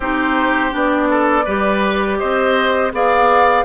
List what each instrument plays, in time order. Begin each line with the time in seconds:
0.00 bassoon C4, clarinet D#4, oboe G4, flute C5
0.70 bassoon B3, clarinet D4
0.76 flute D5
1.09 oboe A4
1.44 bassoon G3, clarinet G4, oboe B4
2.18 bassoon C4, oboe C5, flute D#5
2.92 bassoon B3, clarinet G#4, oboe D5, flute F5